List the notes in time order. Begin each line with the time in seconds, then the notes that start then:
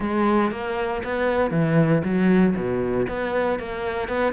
0.00 G#3
0.51 A#3
1.04 B3
1.51 E3
2.03 F#3
2.56 B2
3.08 B3
3.59 A#3
4.08 B3